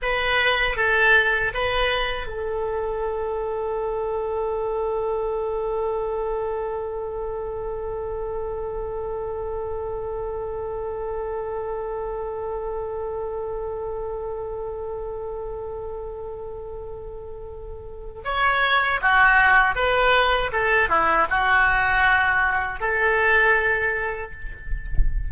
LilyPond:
\new Staff \with { instrumentName = "oboe" } { \time 4/4 \tempo 4 = 79 b'4 a'4 b'4 a'4~ | a'1~ | a'1~ | a'1~ |
a'1~ | a'1 | cis''4 fis'4 b'4 a'8 e'8 | fis'2 a'2 | }